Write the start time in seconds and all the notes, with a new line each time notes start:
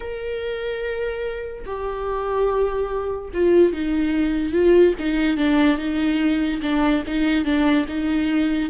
0.00 A#4
1.65 G4
3.33 F4
3.72 D#4
4.52 F4
4.99 D#4
5.37 D4
5.78 D#4
6.62 D4
7.06 D#4
7.44 D4
7.88 D#4